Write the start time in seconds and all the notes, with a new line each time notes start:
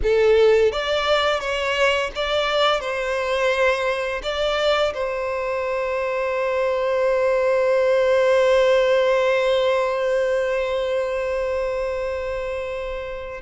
0.02 A4
0.72 D5
1.40 C#5
2.15 D5
2.80 C5
4.22 D5
4.94 C5